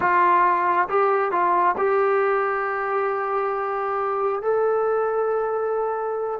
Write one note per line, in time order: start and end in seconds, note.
0.00 0.88 F4
0.88 1.31 G4
1.31 1.75 F4
1.77 4.41 G4
4.41 6.40 A4